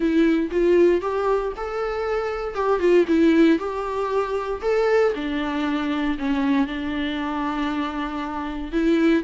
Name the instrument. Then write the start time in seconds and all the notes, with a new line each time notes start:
viola
0.00 E4
0.51 F4
1.01 G4
1.56 A4
2.54 G4
2.79 F4
3.07 E4
3.59 G4
4.62 A4
5.14 D4
6.18 C#4
6.66 D4
8.72 E4